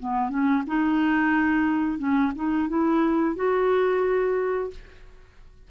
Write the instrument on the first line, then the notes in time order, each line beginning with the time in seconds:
clarinet
0.00 B3
0.30 C#4
0.67 D#4
1.99 C#4
2.36 D#4
2.69 E4
3.36 F#4